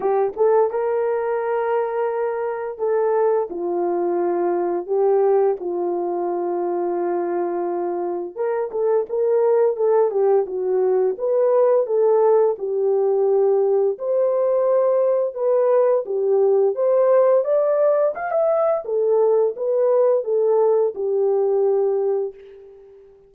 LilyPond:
\new Staff \with { instrumentName = "horn" } { \time 4/4 \tempo 4 = 86 g'8 a'8 ais'2. | a'4 f'2 g'4 | f'1 | ais'8 a'8 ais'4 a'8 g'8 fis'4 |
b'4 a'4 g'2 | c''2 b'4 g'4 | c''4 d''4 f''16 e''8. a'4 | b'4 a'4 g'2 | }